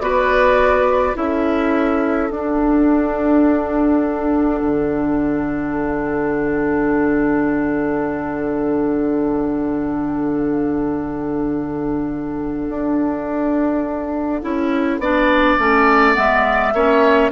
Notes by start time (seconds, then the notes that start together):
0.00 B3 F#4 B4 D5
1.14 C#4 E4 A4 E5
2.31 D4 F#5
4.62 D3
12.69 D4
14.42 C#4 E4
14.99 B3 D4 D5
15.59 A3 C#4
16.14 G#3 B3 E5
16.74 A#3 C#4 C#5